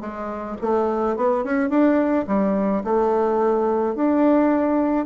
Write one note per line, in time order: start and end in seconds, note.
0.00 0.56 G#3
0.61 1.16 A3
1.16 1.44 B3
1.44 1.69 C#4
1.69 2.25 D4
2.27 2.83 G3
2.84 3.95 A3
3.95 5.06 D4